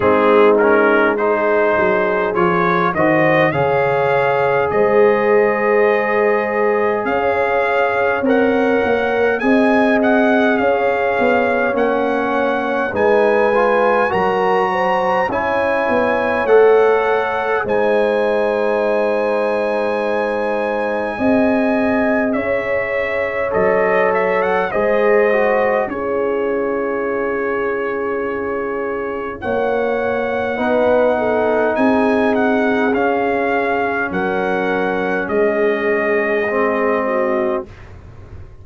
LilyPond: <<
  \new Staff \with { instrumentName = "trumpet" } { \time 4/4 \tempo 4 = 51 gis'8 ais'8 c''4 cis''8 dis''8 f''4 | dis''2 f''4 fis''4 | gis''8 fis''8 f''4 fis''4 gis''4 | ais''4 gis''4 fis''4 gis''4~ |
gis''2. e''4 | dis''8 e''16 fis''16 dis''4 cis''2~ | cis''4 fis''2 gis''8 fis''8 | f''4 fis''4 dis''2 | }
  \new Staff \with { instrumentName = "horn" } { \time 4/4 dis'4 gis'4. c''8 cis''4 | c''2 cis''2 | dis''4 cis''2 b'4 | ais'8 c''8 cis''2 c''4~ |
c''2 dis''4 cis''4~ | cis''4 c''4 gis'2~ | gis'4 cis''4 b'8 a'8 gis'4~ | gis'4 ais'4 gis'4. fis'8 | }
  \new Staff \with { instrumentName = "trombone" } { \time 4/4 c'8 cis'8 dis'4 f'8 fis'8 gis'4~ | gis'2. ais'4 | gis'2 cis'4 dis'8 f'8 | fis'4 e'4 a'4 dis'4~ |
dis'2 gis'2 | a'4 gis'8 fis'8 e'2~ | e'2 dis'2 | cis'2. c'4 | }
  \new Staff \with { instrumentName = "tuba" } { \time 4/4 gis4. fis8 f8 dis8 cis4 | gis2 cis'4 c'8 ais8 | c'4 cis'8 b8 ais4 gis4 | fis4 cis'8 b8 a4 gis4~ |
gis2 c'4 cis'4 | fis4 gis4 cis'2~ | cis'4 ais4 b4 c'4 | cis'4 fis4 gis2 | }
>>